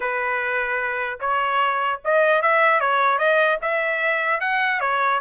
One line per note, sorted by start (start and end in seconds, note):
0.00 1.19 B4
1.19 1.99 C#5
2.04 2.42 D#5
2.42 2.80 E5
2.80 3.18 C#5
3.18 3.58 D#5
3.61 4.40 E5
4.40 4.80 F#5
4.80 5.20 C#5